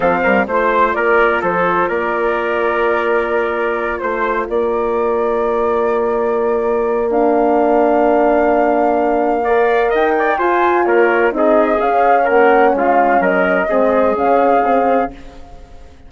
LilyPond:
<<
  \new Staff \with { instrumentName = "flute" } { \time 4/4 \tempo 4 = 127 f''4 c''4 d''4 c''4 | d''1~ | d''8 c''4 d''2~ d''8~ | d''2. f''4~ |
f''1~ | f''4 g''4 gis''4 cis''4 | dis''4 f''4 fis''4 f''4 | dis''2 f''2 | }
  \new Staff \with { instrumentName = "trumpet" } { \time 4/4 a'8 ais'8 c''4 ais'4 a'4 | ais'1~ | ais'8 c''4 ais'2~ ais'8~ | ais'1~ |
ais'1 | d''4 dis''8 d''8 c''4 ais'4 | gis'2 ais'4 f'4 | ais'4 gis'2. | }
  \new Staff \with { instrumentName = "horn" } { \time 4/4 c'4 f'2.~ | f'1~ | f'1~ | f'2. d'4~ |
d'1 | ais'2 f'2 | dis'4 cis'2.~ | cis'4 c'4 cis'4 c'4 | }
  \new Staff \with { instrumentName = "bassoon" } { \time 4/4 f8 g8 a4 ais4 f4 | ais1~ | ais8 a4 ais2~ ais8~ | ais1~ |
ais1~ | ais4 dis'4 f'4 ais4 | c'4 cis'4 ais4 gis4 | fis4 gis4 cis2 | }
>>